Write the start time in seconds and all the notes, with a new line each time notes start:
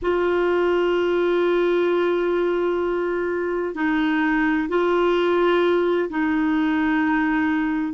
0.02 F4
3.74 D#4
4.68 F4
6.09 D#4